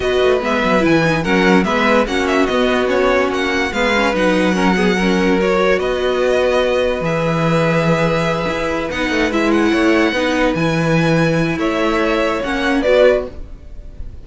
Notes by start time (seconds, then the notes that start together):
0.00 B3 F#4 B4 D#5
0.21 A3
0.40 G#3 B3 E5
0.64 F#3
0.80 E3 E4 G#5
1.03 D#4
1.22 F#3 C#4 A#4 F#5
1.63 G#3 B3 B4 E5
2.06 A#3 C#4 F#4 F#5
2.27 E5
2.45 B3 D#5
2.87 C#4 C#5
3.29 A#3 F#5
3.72 G#3 B3 B4 F5
3.95 C#4
4.13 F#3 D#4 F#5
4.53 C#4 A#4
4.75 B3 G#4
4.96 C#4 A#4
5.39 F#4 C#5
5.77 B3 B4 D#5
7.00 E3 G#4 E5
8.47 E4
8.90 B3 D#4 F#5
9.10 A3
9.31 G#3 E4 E5
9.51 F#5
9.71 A3 C#5
10.12 B3 D#4 B4
10.54 E3 E4 G#5
11.57 A3 C#5 E5
12.43 A#3 C#4 F#5
12.81 B3 F#4 B4 D5